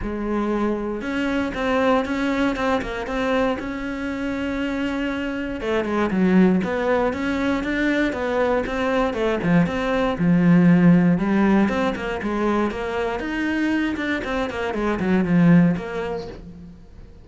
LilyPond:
\new Staff \with { instrumentName = "cello" } { \time 4/4 \tempo 4 = 118 gis2 cis'4 c'4 | cis'4 c'8 ais8 c'4 cis'4~ | cis'2. a8 gis8 | fis4 b4 cis'4 d'4 |
b4 c'4 a8 f8 c'4 | f2 g4 c'8 ais8 | gis4 ais4 dis'4. d'8 | c'8 ais8 gis8 fis8 f4 ais4 | }